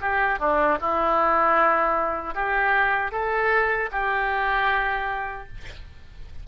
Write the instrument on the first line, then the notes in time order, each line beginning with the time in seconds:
oboe
0.00 G4
0.39 D4
0.80 E4
2.34 G4
3.11 A4
3.91 G4